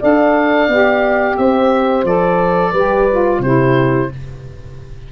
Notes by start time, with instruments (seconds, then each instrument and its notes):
0.00 tuba D4, saxophone A4, horn D5, oboe F5
0.68 tuba B3, saxophone G4
1.37 tuba C4, horn C5, oboe E5
2.04 tuba F3, saxophone A4, oboe D5
2.72 tuba G3, saxophone G4, horn B4
3.11 saxophone F4
3.39 tuba C3, saxophone E4, horn G4, oboe C5